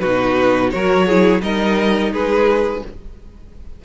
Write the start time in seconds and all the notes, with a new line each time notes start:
0.00 B2 D#4 F#4 B4
0.71 F#3 F#4 A#4 C#5
1.07 E4 G#4
1.41 G3 D#4 A#4 D#5
2.12 G#3 G#4 B4